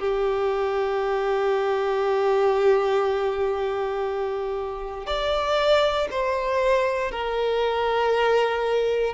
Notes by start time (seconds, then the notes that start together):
0.00 G4
5.07 D5
6.11 C5
7.11 A#4